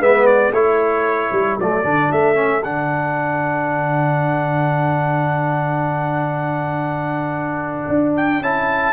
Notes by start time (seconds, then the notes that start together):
0.00 G#3 B3 B4 E5
0.26 D5
0.52 A3 E4 A4 C#5
1.32 G3
1.60 F#3 A3 D5
1.84 D3 D4
2.12 A3 E5
2.35 C#4
2.63 D3 D4 F#5
7.89 D4
8.17 G5
8.40 C#4 E4 A5